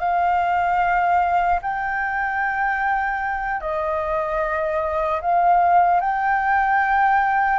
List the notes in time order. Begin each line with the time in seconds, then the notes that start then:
0.00 F5
1.62 G5
3.61 D#5
5.21 F5
6.01 G5